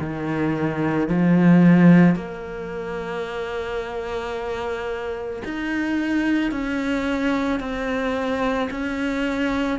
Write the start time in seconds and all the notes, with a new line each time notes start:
0.00 D#3
1.08 F3
2.16 A#3
5.45 D#4
6.52 C#4
7.60 C4
8.71 C#4